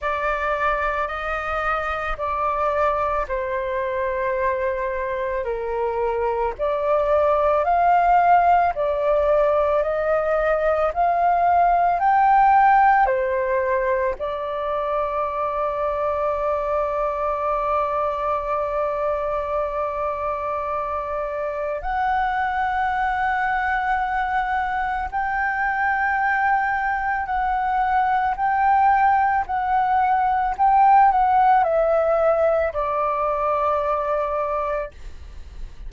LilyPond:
\new Staff \with { instrumentName = "flute" } { \time 4/4 \tempo 4 = 55 d''4 dis''4 d''4 c''4~ | c''4 ais'4 d''4 f''4 | d''4 dis''4 f''4 g''4 | c''4 d''2.~ |
d''1 | fis''2. g''4~ | g''4 fis''4 g''4 fis''4 | g''8 fis''8 e''4 d''2 | }